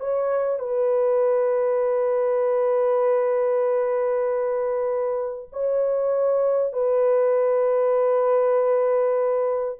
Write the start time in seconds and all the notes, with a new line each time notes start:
0.00 C#5
0.59 B4
5.52 C#5
6.73 B4